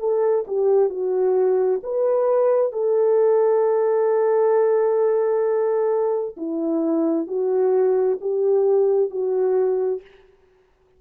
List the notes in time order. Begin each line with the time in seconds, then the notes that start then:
0.00 A4
0.48 G4
0.90 F#4
1.84 B4
2.73 A4
6.37 E4
7.28 F#4
8.21 G4
9.11 F#4